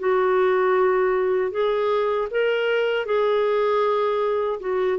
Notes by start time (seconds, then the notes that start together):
0.00 F#4
1.52 G#4
2.31 A#4
3.06 G#4
4.60 F#4